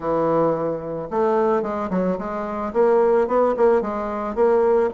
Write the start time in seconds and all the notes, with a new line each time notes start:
0.00 E3
1.10 A3
1.62 G#3
1.90 F#3
2.18 G#3
2.73 A#3
3.27 B3
3.57 A#3
3.81 G#3
4.35 A#3